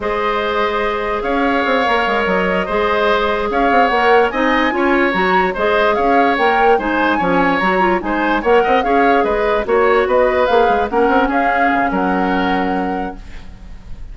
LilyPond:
<<
  \new Staff \with { instrumentName = "flute" } { \time 4/4 \tempo 4 = 146 dis''2. f''4~ | f''4. dis''2~ dis''8~ | dis''8 f''4 fis''4 gis''4.~ | gis''8 ais''4 dis''4 f''4 g''8~ |
g''8 gis''2 ais''4 gis''8~ | gis''8 fis''4 f''4 dis''4 cis''8~ | cis''8 dis''4 f''4 fis''4 f''8~ | f''4 fis''2. | }
  \new Staff \with { instrumentName = "oboe" } { \time 4/4 c''2. cis''4~ | cis''2~ cis''8 c''4.~ | c''8 cis''2 dis''4 cis''8~ | cis''4. c''4 cis''4.~ |
cis''8 c''4 cis''2 c''8~ | c''8 cis''8 dis''8 cis''4 b'4 cis''8~ | cis''8 b'2 ais'4 gis'8~ | gis'4 ais'2. | }
  \new Staff \with { instrumentName = "clarinet" } { \time 4/4 gis'1~ | gis'8 ais'2 gis'4.~ | gis'4. ais'4 dis'4 f'8~ | f'8 fis'4 gis'2 ais'8~ |
ais'8 dis'4 cis'4 fis'8 f'8 dis'8~ | dis'8 ais'4 gis'2 fis'8~ | fis'4. gis'4 cis'4.~ | cis'1 | }
  \new Staff \with { instrumentName = "bassoon" } { \time 4/4 gis2. cis'4 | c'8 ais8 gis8 fis4 gis4.~ | gis8 cis'8 c'8 ais4 c'4 cis'8~ | cis'8 fis4 gis4 cis'4 ais8~ |
ais8 gis4 f4 fis4 gis8~ | gis8 ais8 c'8 cis'4 gis4 ais8~ | ais8 b4 ais8 gis8 ais8 c'8 cis'8~ | cis'8 cis8 fis2. | }
>>